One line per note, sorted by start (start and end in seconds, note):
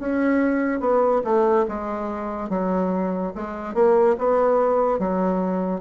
0.00 0.80 C#4
0.80 1.22 B3
1.24 1.66 A3
1.69 2.50 G#3
2.50 3.33 F#3
3.36 3.75 G#3
3.75 4.16 A#3
4.19 5.00 B3
5.00 5.81 F#3